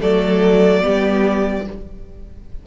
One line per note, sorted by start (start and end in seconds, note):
0.00 0.84 F#3
0.00 0.82 A3
0.00 0.83 A4
0.00 1.66 D5
0.82 1.67 G3
0.82 1.64 B3
0.82 1.65 G4